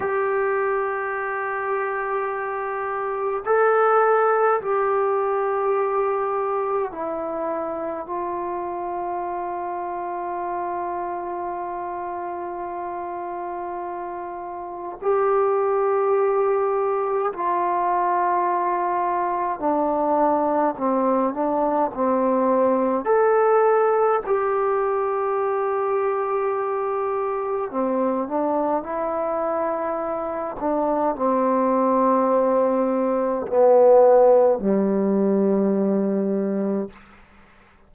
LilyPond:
\new Staff \with { instrumentName = "trombone" } { \time 4/4 \tempo 4 = 52 g'2. a'4 | g'2 e'4 f'4~ | f'1~ | f'4 g'2 f'4~ |
f'4 d'4 c'8 d'8 c'4 | a'4 g'2. | c'8 d'8 e'4. d'8 c'4~ | c'4 b4 g2 | }